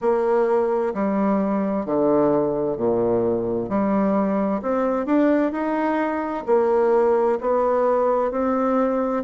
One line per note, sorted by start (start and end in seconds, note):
0.01 0.93 A#3
0.94 1.85 G3
1.85 2.77 D3
2.77 3.69 A#2
3.69 4.61 G3
4.62 5.06 C4
5.06 5.51 D4
5.51 6.44 D#4
6.46 7.38 A#3
7.41 8.31 B3
8.31 9.23 C4